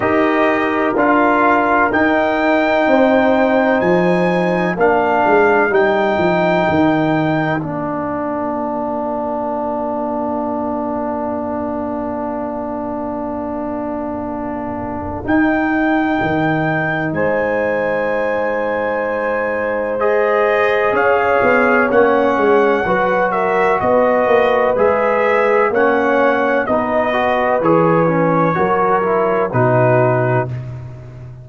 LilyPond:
<<
  \new Staff \with { instrumentName = "trumpet" } { \time 4/4 \tempo 4 = 63 dis''4 f''4 g''2 | gis''4 f''4 g''2 | f''1~ | f''1 |
g''2 gis''2~ | gis''4 dis''4 f''4 fis''4~ | fis''8 e''8 dis''4 e''4 fis''4 | dis''4 cis''2 b'4 | }
  \new Staff \with { instrumentName = "horn" } { \time 4/4 ais'2. c''4~ | c''4 ais'2.~ | ais'1~ | ais'1~ |
ais'2 c''2~ | c''2 cis''2 | b'8 ais'8 b'2 cis''4 | b'2 ais'4 fis'4 | }
  \new Staff \with { instrumentName = "trombone" } { \time 4/4 g'4 f'4 dis'2~ | dis'4 d'4 dis'2 | d'1~ | d'1 |
dis'1~ | dis'4 gis'2 cis'4 | fis'2 gis'4 cis'4 | dis'8 fis'8 gis'8 cis'8 fis'8 e'8 dis'4 | }
  \new Staff \with { instrumentName = "tuba" } { \time 4/4 dis'4 d'4 dis'4 c'4 | f4 ais8 gis8 g8 f8 dis4 | ais1~ | ais1 |
dis'4 dis4 gis2~ | gis2 cis'8 b8 ais8 gis8 | fis4 b8 ais8 gis4 ais4 | b4 e4 fis4 b,4 | }
>>